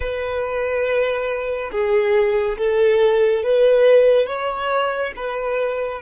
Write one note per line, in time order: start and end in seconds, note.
0.00 1.71 B4
1.71 2.57 G#4
2.57 3.43 A4
3.43 4.26 B4
4.26 5.12 C#5
5.16 6.01 B4